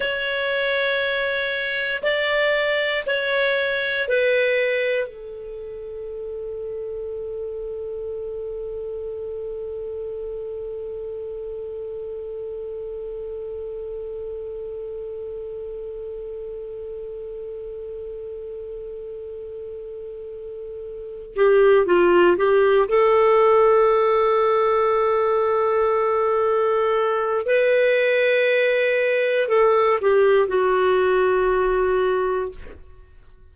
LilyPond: \new Staff \with { instrumentName = "clarinet" } { \time 4/4 \tempo 4 = 59 cis''2 d''4 cis''4 | b'4 a'2.~ | a'1~ | a'1~ |
a'1~ | a'4 g'8 f'8 g'8 a'4.~ | a'2. b'4~ | b'4 a'8 g'8 fis'2 | }